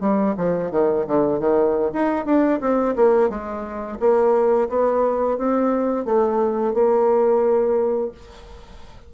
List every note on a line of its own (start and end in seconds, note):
0.00 0.34 G3
0.37 0.71 F3
0.71 1.05 D#3
1.07 1.39 D3
1.39 1.91 D#3
1.92 2.25 D#4
2.25 2.60 D4
2.60 2.95 C4
2.96 3.29 A#3
3.29 3.98 G#3
3.99 4.68 A#3
4.69 5.37 B3
5.37 6.05 C4
6.05 6.73 A3
6.73 8.11 A#3